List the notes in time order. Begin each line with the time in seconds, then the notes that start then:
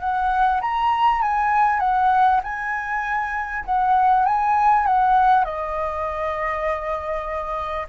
0.00 F#5
0.61 A#5
1.22 G#5
1.80 F#5
2.43 G#5
3.65 F#5
4.26 G#5
4.86 F#5
5.44 D#5